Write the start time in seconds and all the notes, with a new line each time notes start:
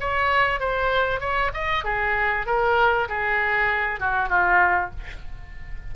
0.00 C#5
0.60 C5
1.20 C#5
1.54 D#5
1.84 G#4
2.46 A#4
3.08 G#4
4.00 F#4
4.29 F4